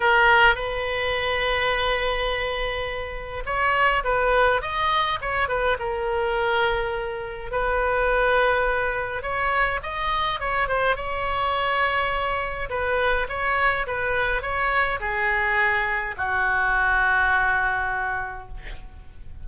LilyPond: \new Staff \with { instrumentName = "oboe" } { \time 4/4 \tempo 4 = 104 ais'4 b'2.~ | b'2 cis''4 b'4 | dis''4 cis''8 b'8 ais'2~ | ais'4 b'2. |
cis''4 dis''4 cis''8 c''8 cis''4~ | cis''2 b'4 cis''4 | b'4 cis''4 gis'2 | fis'1 | }